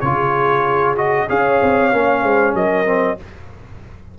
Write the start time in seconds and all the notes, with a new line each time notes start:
0.00 C#3 F4 G#4 C#5
0.96 F#4 D#5
1.27 C#4 G#4 C#5 F5
1.62 C4
1.92 A#3 C#4
2.23 G#3 C5
2.54 F#3 A#4 D#5
2.85 C4